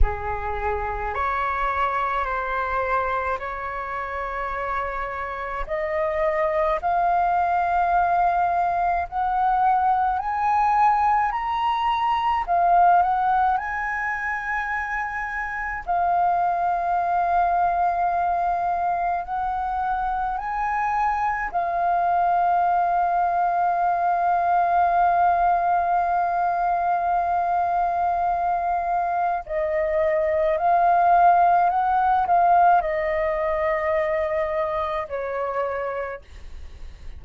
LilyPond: \new Staff \with { instrumentName = "flute" } { \time 4/4 \tempo 4 = 53 gis'4 cis''4 c''4 cis''4~ | cis''4 dis''4 f''2 | fis''4 gis''4 ais''4 f''8 fis''8 | gis''2 f''2~ |
f''4 fis''4 gis''4 f''4~ | f''1~ | f''2 dis''4 f''4 | fis''8 f''8 dis''2 cis''4 | }